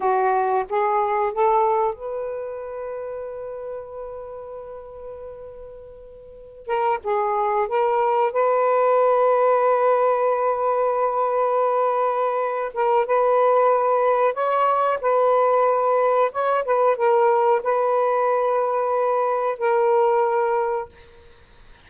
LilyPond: \new Staff \with { instrumentName = "saxophone" } { \time 4/4 \tempo 4 = 92 fis'4 gis'4 a'4 b'4~ | b'1~ | b'2~ b'16 ais'8 gis'4 ais'16~ | ais'8. b'2.~ b'16~ |
b'2.~ b'8 ais'8 | b'2 cis''4 b'4~ | b'4 cis''8 b'8 ais'4 b'4~ | b'2 ais'2 | }